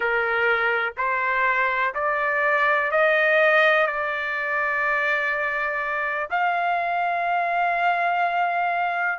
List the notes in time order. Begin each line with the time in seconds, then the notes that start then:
0.00 A#4
0.97 C5
1.94 D5
2.91 D#5
3.87 D5
6.30 F5